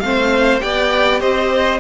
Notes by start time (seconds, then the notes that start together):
0.00 A3 C4 C5 F5
0.60 B3 G4 D5 G5
1.21 C4 C5 D#5